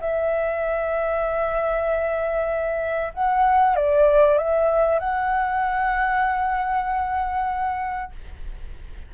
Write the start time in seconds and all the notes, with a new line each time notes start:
0.00 E5
3.14 F#5
3.76 D5
4.38 E5
4.99 F#5